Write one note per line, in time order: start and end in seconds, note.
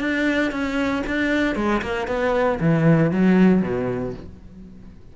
0.00 0.51 D4
0.51 1.03 C#4
1.07 1.56 D4
1.56 1.82 G#3
1.82 2.07 A#3
2.07 2.59 B3
2.61 3.12 E3
3.12 3.62 F#3
3.62 4.14 B2